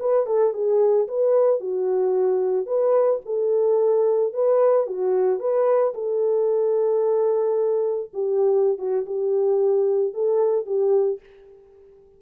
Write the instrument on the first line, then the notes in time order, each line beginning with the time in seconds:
horn
0.00 B4
0.27 A4
0.54 G#4
1.08 B4
1.61 F#4
2.67 B4
3.26 A4
4.34 B4
4.87 F#4
5.40 B4
5.95 A4
8.14 G4
8.79 F#4
9.06 G4
10.14 A4
10.66 G4